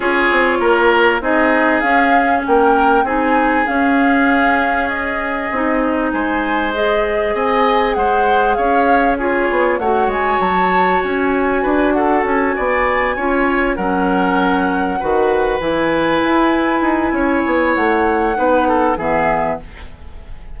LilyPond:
<<
  \new Staff \with { instrumentName = "flute" } { \time 4/4 \tempo 4 = 98 cis''2 dis''4 f''4 | g''4 gis''4 f''2 | dis''2 gis''4 dis''4 | gis''4 fis''4 f''4 cis''4 |
fis''8 gis''8 a''4 gis''4. fis''8 | gis''2~ gis''8 fis''4.~ | fis''4. gis''2~ gis''8~ | gis''4 fis''2 e''4 | }
  \new Staff \with { instrumentName = "oboe" } { \time 4/4 gis'4 ais'4 gis'2 | ais'4 gis'2.~ | gis'2 c''2 | dis''4 c''4 cis''4 gis'4 |
cis''2. b'8 a'8~ | a'8 d''4 cis''4 ais'4.~ | ais'8 b'2.~ b'8 | cis''2 b'8 a'8 gis'4 | }
  \new Staff \with { instrumentName = "clarinet" } { \time 4/4 f'2 dis'4 cis'4~ | cis'4 dis'4 cis'2~ | cis'4 dis'2 gis'4~ | gis'2. f'4 |
fis'1~ | fis'4. f'4 cis'4.~ | cis'8 fis'4 e'2~ e'8~ | e'2 dis'4 b4 | }
  \new Staff \with { instrumentName = "bassoon" } { \time 4/4 cis'8 c'8 ais4 c'4 cis'4 | ais4 c'4 cis'2~ | cis'4 c'4 gis2 | c'4 gis4 cis'4. b8 |
a8 gis8 fis4 cis'4 d'4 | cis'8 b4 cis'4 fis4.~ | fis8 dis4 e4 e'4 dis'8 | cis'8 b8 a4 b4 e4 | }
>>